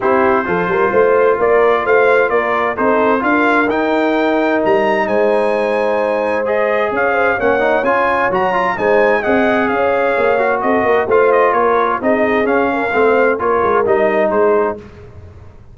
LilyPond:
<<
  \new Staff \with { instrumentName = "trumpet" } { \time 4/4 \tempo 4 = 130 c''2. d''4 | f''4 d''4 c''4 f''4 | g''2 ais''4 gis''4~ | gis''2 dis''4 f''4 |
fis''4 gis''4 ais''4 gis''4 | fis''4 f''2 dis''4 | f''8 dis''8 cis''4 dis''4 f''4~ | f''4 cis''4 dis''4 c''4 | }
  \new Staff \with { instrumentName = "horn" } { \time 4/4 g'4 a'8 ais'8 c''4 ais'4 | c''4 ais'4 a'4 ais'4~ | ais'2. c''4~ | c''2. cis''8 c''8 |
cis''2. c''4 | dis''4 cis''2 a'8 ais'8 | c''4 ais'4 gis'4. ais'8 | c''4 ais'2 gis'4 | }
  \new Staff \with { instrumentName = "trombone" } { \time 4/4 e'4 f'2.~ | f'2 dis'4 f'4 | dis'1~ | dis'2 gis'2 |
cis'8 dis'8 f'4 fis'8 f'8 dis'4 | gis'2~ gis'8 fis'4. | f'2 dis'4 cis'4 | c'4 f'4 dis'2 | }
  \new Staff \with { instrumentName = "tuba" } { \time 4/4 c'4 f8 g8 a4 ais4 | a4 ais4 c'4 d'4 | dis'2 g4 gis4~ | gis2. cis'4 |
ais4 cis'4 fis4 gis4 | c'4 cis'4 ais4 c'8 ais8 | a4 ais4 c'4 cis'4 | a4 ais8 gis8 g4 gis4 | }
>>